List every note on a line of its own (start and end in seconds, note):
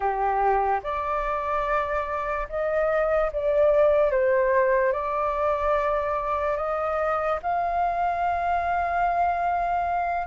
0.00 0.80 G4
0.83 2.47 D5
2.49 3.31 D#5
3.32 4.11 D5
4.11 4.92 C5
4.92 6.56 D5
6.56 7.39 D#5
7.42 10.27 F5